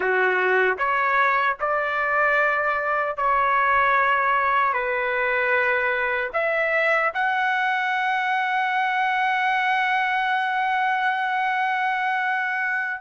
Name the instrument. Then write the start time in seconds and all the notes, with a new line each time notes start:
trumpet
0.00 F#4
0.78 C#5
1.60 D5
3.16 C#5
4.73 B4
6.33 E5
7.13 F#5